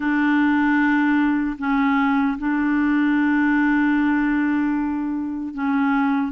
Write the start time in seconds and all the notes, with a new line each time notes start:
0.00 D4
1.58 C#4
2.38 D4
5.53 C#4